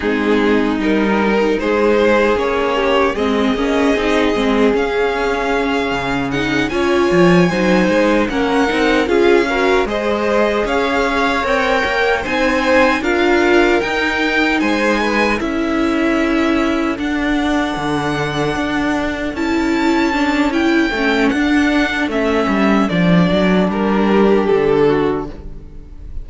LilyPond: <<
  \new Staff \with { instrumentName = "violin" } { \time 4/4 \tempo 4 = 76 gis'4 ais'4 c''4 cis''4 | dis''2 f''2 | fis''8 gis''2 fis''4 f''8~ | f''8 dis''4 f''4 g''4 gis''8~ |
gis''8 f''4 g''4 gis''4 e''8~ | e''4. fis''2~ fis''8~ | fis''8 a''4. g''4 fis''4 | e''4 d''4 ais'4 a'4 | }
  \new Staff \with { instrumentName = "violin" } { \time 4/4 dis'2 gis'4. g'8 | gis'1~ | gis'8 cis''4 c''4 ais'4 gis'8 | ais'8 c''4 cis''2 c''8~ |
c''8 ais'2 c''8 b'8 a'8~ | a'1~ | a'1~ | a'2~ a'8 g'4 fis'8 | }
  \new Staff \with { instrumentName = "viola" } { \time 4/4 c'4 dis'2 cis'4 | c'8 cis'8 dis'8 c'8 cis'2 | dis'8 f'4 dis'4 cis'8 dis'8 f'8 | fis'8 gis'2 ais'4 dis'8~ |
dis'8 f'4 dis'2 e'8~ | e'4. d'2~ d'8~ | d'8 e'4 d'8 e'8 cis'8 d'4 | cis'4 d'2. | }
  \new Staff \with { instrumentName = "cello" } { \time 4/4 gis4 g4 gis4 ais4 | gis8 ais8 c'8 gis8 cis'4. cis8~ | cis8 cis'8 f8 fis8 gis8 ais8 c'8 cis'8~ | cis'8 gis4 cis'4 c'8 ais8 c'8~ |
c'8 d'4 dis'4 gis4 cis'8~ | cis'4. d'4 d4 d'8~ | d'8 cis'2 a8 d'4 | a8 g8 f8 fis8 g4 d4 | }
>>